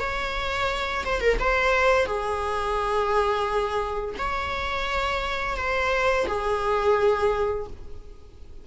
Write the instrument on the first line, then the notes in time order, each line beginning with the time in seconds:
viola
0.00 C#5
1.05 C5
1.21 A#4
1.40 C5
2.06 G#4
4.19 C#5
5.57 C5
6.28 G#4